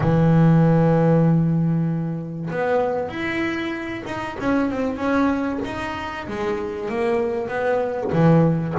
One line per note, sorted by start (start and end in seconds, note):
0.00 2.49 E3
2.50 3.09 B3
3.09 4.03 E4
4.05 4.36 D#4
4.39 4.70 C#4
4.70 4.96 C4
4.96 5.59 C#4
5.64 6.27 D#4
6.27 6.89 G#3
6.89 7.48 A#3
7.48 8.10 B3
8.12 8.74 E3